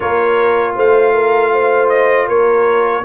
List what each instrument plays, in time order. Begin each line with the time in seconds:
0.00 tuba A#3, trombone F4, horn A#4, trumpet C#5
0.75 tuba A3, horn C5, trumpet F5
1.13 horn A#4
1.52 horn C5
1.89 trumpet D#5
2.27 tuba A#3, horn A#4, trumpet C#5